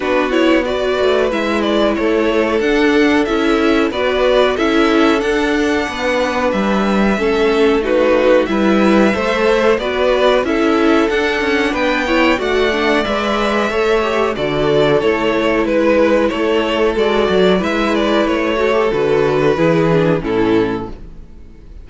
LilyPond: <<
  \new Staff \with { instrumentName = "violin" } { \time 4/4 \tempo 4 = 92 b'8 cis''8 d''4 e''8 d''8 cis''4 | fis''4 e''4 d''4 e''4 | fis''2 e''2 | b'4 e''2 d''4 |
e''4 fis''4 g''4 fis''4 | e''2 d''4 cis''4 | b'4 cis''4 d''4 e''8 d''8 | cis''4 b'2 a'4 | }
  \new Staff \with { instrumentName = "violin" } { \time 4/4 fis'4 b'2 a'4~ | a'2 b'4 a'4~ | a'4 b'2 a'4 | fis'4 b'4 c''4 b'4 |
a'2 b'8 cis''8 d''4~ | d''4 cis''4 a'2 | b'4 a'2 b'4~ | b'8 a'4. gis'4 e'4 | }
  \new Staff \with { instrumentName = "viola" } { \time 4/4 d'8 e'8 fis'4 e'2 | d'4 e'4 fis'4 e'4 | d'2. cis'4 | dis'4 e'4 a'4 fis'4 |
e'4 d'4. e'8 fis'8 d'8 | b'4 a'8 g'8 fis'4 e'4~ | e'2 fis'4 e'4~ | e'8 fis'16 g'16 fis'4 e'8 d'8 cis'4 | }
  \new Staff \with { instrumentName = "cello" } { \time 4/4 b4. a8 gis4 a4 | d'4 cis'4 b4 cis'4 | d'4 b4 g4 a4~ | a4 g4 a4 b4 |
cis'4 d'8 cis'8 b4 a4 | gis4 a4 d4 a4 | gis4 a4 gis8 fis8 gis4 | a4 d4 e4 a,4 | }
>>